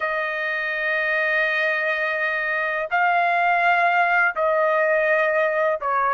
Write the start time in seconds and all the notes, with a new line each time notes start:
0.00 D#5
2.90 F5
4.35 D#5
5.80 C#5